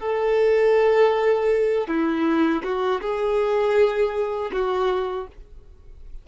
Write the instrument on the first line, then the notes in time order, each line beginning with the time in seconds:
violin
0.00 A4
1.88 E4
2.64 F#4
3.01 G#4
4.52 F#4